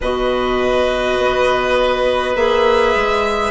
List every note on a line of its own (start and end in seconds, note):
0.00 1.18 B2
0.00 2.36 F#4
0.00 3.50 B4
0.00 2.36 D#5
1.18 2.35 B3
2.35 2.94 A#3
2.35 3.50 G#4
2.35 3.50 E5
2.95 3.50 G#3